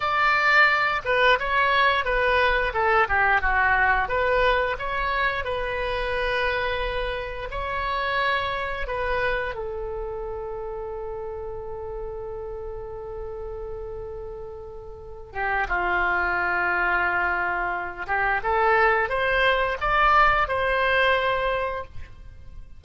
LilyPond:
\new Staff \with { instrumentName = "oboe" } { \time 4/4 \tempo 4 = 88 d''4. b'8 cis''4 b'4 | a'8 g'8 fis'4 b'4 cis''4 | b'2. cis''4~ | cis''4 b'4 a'2~ |
a'1~ | a'2~ a'8 g'8 f'4~ | f'2~ f'8 g'8 a'4 | c''4 d''4 c''2 | }